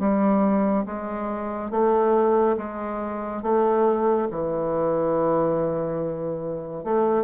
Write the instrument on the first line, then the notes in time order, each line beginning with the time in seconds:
bassoon
0.00 G3
0.86 G#3
1.71 A3
2.58 G#3
3.43 A3
4.31 E3
6.85 A3